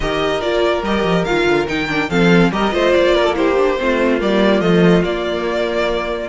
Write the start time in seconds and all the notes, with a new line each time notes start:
0.00 D#3 G4 A#4 D#5
0.40 A#3 F4 D5
0.82 G3 G4 D#5
1.03 F3
1.24 D#3 F4 F5
1.46 D3
1.66 D#3 D#4 G5
1.88 D4
2.09 F3 C4 A4 F5
2.51 G3 G4 A#4 D#5
2.71 A3 F4 C5
2.93 A#3 D5
3.15 A#4
3.24 A4
3.34 E4 G4 C5
3.56 D4
3.78 A3 C4 F4
4.19 G3 A#3 D5
4.60 F3 A3 D#5
5.04 A#3 D5